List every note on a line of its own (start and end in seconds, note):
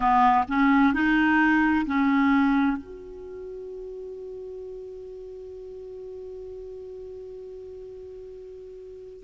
0.00 0.44 B3
0.47 0.93 C#4
0.93 1.85 D#4
1.85 2.77 C#4
2.77 9.23 F#4